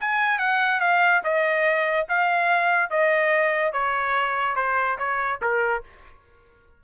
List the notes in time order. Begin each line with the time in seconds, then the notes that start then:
0.00 G#5
0.38 F#5
0.80 F5
1.23 D#5
2.08 F5
2.90 D#5
3.72 C#5
4.56 C5
4.98 C#5
5.42 A#4